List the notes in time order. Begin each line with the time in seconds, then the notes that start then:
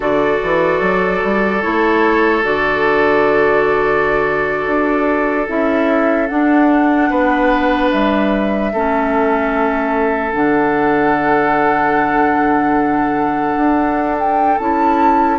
0.00 D3 F#4 A4 D5
0.42 E3
0.80 F#3
1.23 G3
1.61 A3 E4 C#5
2.42 D3 F#4 D5
4.66 D4
5.47 C#4 E4 E5
6.27 D4 F#5
7.10 B3 B4
7.90 G3 E5
8.72 A3 C#4 A4
10.30 D3 D4 F#5
13.57 D4
14.19 G5
14.58 C#4 E4 A5